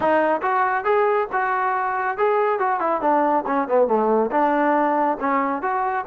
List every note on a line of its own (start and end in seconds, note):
0.00 0.41 D#4
0.42 0.84 F#4
0.84 1.27 G#4
1.32 2.17 F#4
2.17 2.59 G#4
2.59 2.79 F#4
2.79 3.01 E4
3.01 3.44 D4
3.46 3.67 C#4
3.67 3.87 B3
3.87 4.30 A3
4.31 5.17 D4
5.20 5.62 C#4
5.62 6.05 F#4